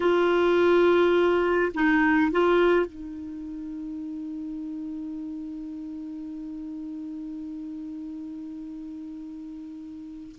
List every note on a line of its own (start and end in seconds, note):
0.00 1.72 F4
1.74 2.31 D#4
2.31 2.86 F4
2.86 10.36 D#4